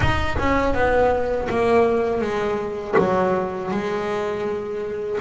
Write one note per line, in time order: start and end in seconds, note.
0.00 0.37 D#4
0.38 0.73 C#4
0.73 1.47 B3
1.49 2.21 A#3
2.21 2.95 G#3
2.98 3.71 F#3
3.71 5.19 G#3